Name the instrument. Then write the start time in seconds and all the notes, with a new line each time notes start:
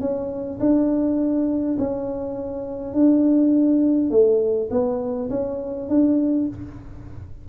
tuba
0.00 C#4
0.60 D4
1.78 C#4
2.94 D4
4.10 A3
4.71 B3
5.30 C#4
5.89 D4